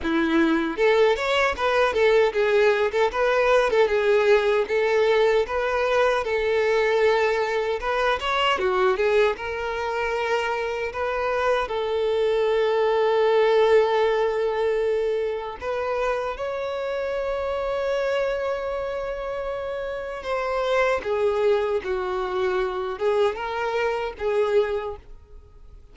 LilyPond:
\new Staff \with { instrumentName = "violin" } { \time 4/4 \tempo 4 = 77 e'4 a'8 cis''8 b'8 a'8 gis'8. a'16 | b'8. a'16 gis'4 a'4 b'4 | a'2 b'8 cis''8 fis'8 gis'8 | ais'2 b'4 a'4~ |
a'1 | b'4 cis''2.~ | cis''2 c''4 gis'4 | fis'4. gis'8 ais'4 gis'4 | }